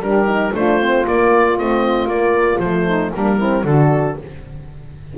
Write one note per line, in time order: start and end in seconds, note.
0.00 0.52 G3
0.00 0.26 D4
0.00 0.54 G4
0.00 0.54 A#4
0.26 0.51 D#4
0.54 1.06 A3
0.54 0.80 D4
0.54 2.86 F4
0.54 1.07 C5
0.80 1.06 C4
1.06 1.57 A#3
1.06 1.59 A#3
1.06 1.58 D5
1.57 2.06 A3
1.57 2.09 C4
1.57 2.09 D#5
2.06 2.58 A#3
2.06 2.62 A#3
2.06 2.59 D5
2.59 3.11 F3
2.59 3.14 A3
2.59 3.11 C5
2.86 3.12 D#4
3.14 3.64 G3
3.14 3.40 A#3
3.14 3.38 D4
3.14 3.66 A#4
3.38 3.66 C4
3.38 3.64 E4
3.64 4.16 D3
3.64 4.18 D4
3.64 4.17 F#4
3.64 4.17 A4